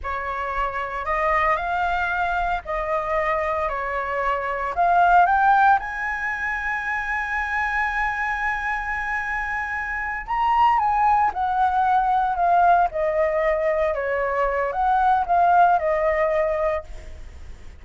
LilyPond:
\new Staff \with { instrumentName = "flute" } { \time 4/4 \tempo 4 = 114 cis''2 dis''4 f''4~ | f''4 dis''2 cis''4~ | cis''4 f''4 g''4 gis''4~ | gis''1~ |
gis''2.~ gis''8 ais''8~ | ais''8 gis''4 fis''2 f''8~ | f''8 dis''2 cis''4. | fis''4 f''4 dis''2 | }